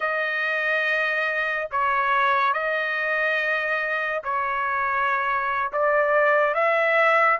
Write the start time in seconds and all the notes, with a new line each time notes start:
0.00 D#5
1.71 C#5
2.53 D#5
4.23 C#5
5.72 D5
6.54 E5